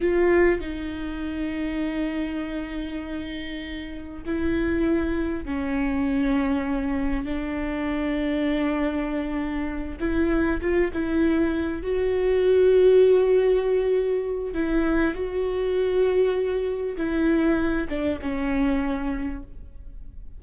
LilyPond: \new Staff \with { instrumentName = "viola" } { \time 4/4 \tempo 4 = 99 f'4 dis'2.~ | dis'2. e'4~ | e'4 cis'2. | d'1~ |
d'8 e'4 f'8 e'4. fis'8~ | fis'1 | e'4 fis'2. | e'4. d'8 cis'2 | }